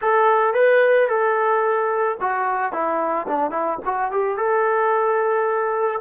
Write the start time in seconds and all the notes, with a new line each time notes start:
0.01 A4
0.54 B4
1.08 A4
2.20 F#4
2.72 E4
3.27 D4
3.51 E4
3.85 F#4
4.11 G4
4.37 A4